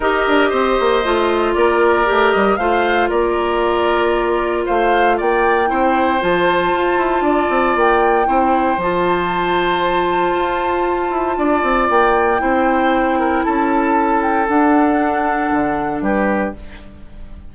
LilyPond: <<
  \new Staff \with { instrumentName = "flute" } { \time 4/4 \tempo 4 = 116 dis''2. d''4~ | d''8 dis''8 f''4 d''2~ | d''4 f''4 g''2 | a''2. g''4~ |
g''4 a''2.~ | a''2. g''4~ | g''2 a''4. g''8 | fis''2. b'4 | }
  \new Staff \with { instrumentName = "oboe" } { \time 4/4 ais'4 c''2 ais'4~ | ais'4 c''4 ais'2~ | ais'4 c''4 d''4 c''4~ | c''2 d''2 |
c''1~ | c''2 d''2 | c''4. ais'8 a'2~ | a'2. g'4 | }
  \new Staff \with { instrumentName = "clarinet" } { \time 4/4 g'2 f'2 | g'4 f'2.~ | f'2. e'4 | f'1 |
e'4 f'2.~ | f'1 | e'1 | d'1 | }
  \new Staff \with { instrumentName = "bassoon" } { \time 4/4 dis'8 d'8 c'8 ais8 a4 ais4 | a8 g8 a4 ais2~ | ais4 a4 ais4 c'4 | f4 f'8 e'8 d'8 c'8 ais4 |
c'4 f2. | f'4. e'8 d'8 c'8 ais4 | c'2 cis'2 | d'2 d4 g4 | }
>>